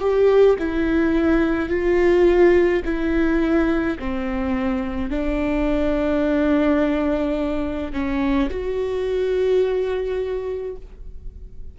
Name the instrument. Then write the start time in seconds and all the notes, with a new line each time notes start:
viola
0.00 G4
0.59 E4
1.69 F4
2.85 E4
3.99 C4
5.10 D4
7.92 C#4
8.50 F#4